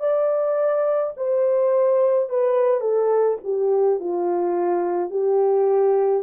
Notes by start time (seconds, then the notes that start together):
0.00 D5
1.17 C5
2.30 B4
2.81 A4
3.44 G4
4.00 F4
5.10 G4